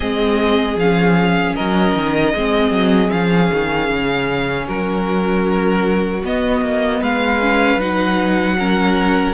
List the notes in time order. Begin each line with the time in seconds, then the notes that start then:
0.00 G#3 C4 G#4 D#5
0.75 F3 C#4 F5
1.55 F#3 A#4 D#5
1.94 D#3
2.34 G#3 C4 G#4
2.70 F#3
3.10 F3 C#4 F5
3.52 D#3
3.89 C#3
4.66 F#3 F#4 A#4
6.23 B3 D#5
6.61 A#3
7.00 G#3 B4 F5
7.41 C#4
7.76 F#3 D#4 F#5
8.58 C#4 A#4